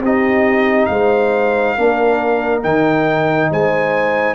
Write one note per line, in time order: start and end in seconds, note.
0.00 0.87 C4
0.00 1.77 D#4
0.00 0.89 G4
0.00 0.86 D#5
0.86 1.76 G#3
0.86 1.75 C5
0.86 2.59 F5
1.75 2.64 A#3
1.75 2.62 D4
1.75 3.49 A#4
2.62 3.51 D#3
2.62 4.34 D#4
2.62 3.50 G5
3.50 4.34 G#3
3.50 4.34 C5
3.50 4.34 G#5